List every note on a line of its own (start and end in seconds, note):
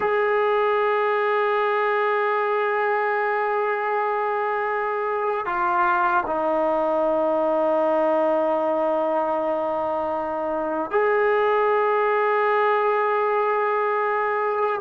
0.00 5.45 G#4
5.45 6.23 F4
6.26 10.91 D#4
10.91 14.80 G#4